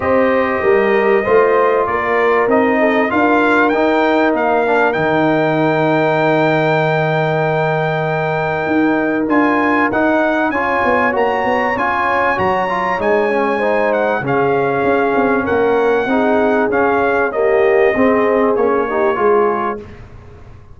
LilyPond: <<
  \new Staff \with { instrumentName = "trumpet" } { \time 4/4 \tempo 4 = 97 dis''2. d''4 | dis''4 f''4 g''4 f''4 | g''1~ | g''2. gis''4 |
fis''4 gis''4 ais''4 gis''4 | ais''4 gis''4. fis''8 f''4~ | f''4 fis''2 f''4 | dis''2 cis''2 | }
  \new Staff \with { instrumentName = "horn" } { \time 4/4 c''4 ais'4 c''4 ais'4~ | ais'8 a'8 ais'2.~ | ais'1~ | ais'1~ |
ais'4 cis''2.~ | cis''2 c''4 gis'4~ | gis'4 ais'4 gis'2 | g'4 gis'4. g'8 gis'4 | }
  \new Staff \with { instrumentName = "trombone" } { \time 4/4 g'2 f'2 | dis'4 f'4 dis'4. d'8 | dis'1~ | dis'2. f'4 |
dis'4 f'4 fis'4 f'4 | fis'8 f'8 dis'8 cis'8 dis'4 cis'4~ | cis'2 dis'4 cis'4 | ais4 c'4 cis'8 dis'8 f'4 | }
  \new Staff \with { instrumentName = "tuba" } { \time 4/4 c'4 g4 a4 ais4 | c'4 d'4 dis'4 ais4 | dis1~ | dis2 dis'4 d'4 |
dis'4 cis'8 b8 ais8 b8 cis'4 | fis4 gis2 cis4 | cis'8 c'8 ais4 c'4 cis'4~ | cis'4 c'4 ais4 gis4 | }
>>